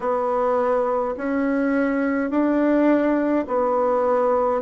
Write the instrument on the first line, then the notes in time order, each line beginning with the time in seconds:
bassoon
0.00 B3
1.17 C#4
2.30 D4
3.47 B3